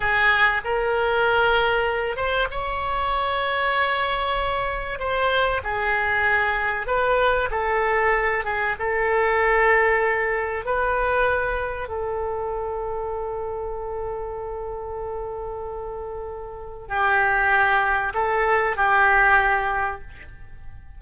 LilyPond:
\new Staff \with { instrumentName = "oboe" } { \time 4/4 \tempo 4 = 96 gis'4 ais'2~ ais'8 c''8 | cis''1 | c''4 gis'2 b'4 | a'4. gis'8 a'2~ |
a'4 b'2 a'4~ | a'1~ | a'2. g'4~ | g'4 a'4 g'2 | }